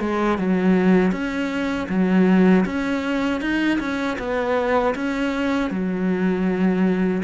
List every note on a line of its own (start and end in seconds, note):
0.00 0.38 G#3
0.38 1.12 F#3
1.12 1.87 C#4
1.89 2.65 F#3
2.65 3.41 C#4
3.41 3.79 D#4
3.79 4.17 C#4
4.18 4.94 B3
4.95 5.70 C#4
5.70 7.22 F#3